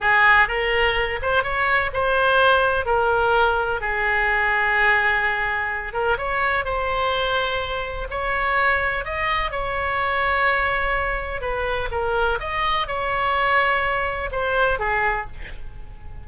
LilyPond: \new Staff \with { instrumentName = "oboe" } { \time 4/4 \tempo 4 = 126 gis'4 ais'4. c''8 cis''4 | c''2 ais'2 | gis'1~ | gis'8 ais'8 cis''4 c''2~ |
c''4 cis''2 dis''4 | cis''1 | b'4 ais'4 dis''4 cis''4~ | cis''2 c''4 gis'4 | }